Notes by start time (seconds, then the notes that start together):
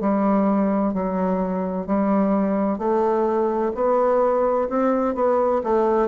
0.00 G3
0.93 F#3
1.86 G3
2.78 A3
3.75 B3
4.69 C4
5.15 B3
5.63 A3